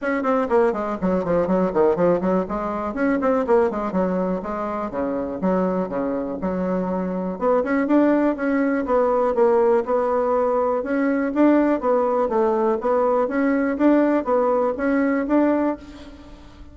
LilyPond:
\new Staff \with { instrumentName = "bassoon" } { \time 4/4 \tempo 4 = 122 cis'8 c'8 ais8 gis8 fis8 f8 fis8 dis8 | f8 fis8 gis4 cis'8 c'8 ais8 gis8 | fis4 gis4 cis4 fis4 | cis4 fis2 b8 cis'8 |
d'4 cis'4 b4 ais4 | b2 cis'4 d'4 | b4 a4 b4 cis'4 | d'4 b4 cis'4 d'4 | }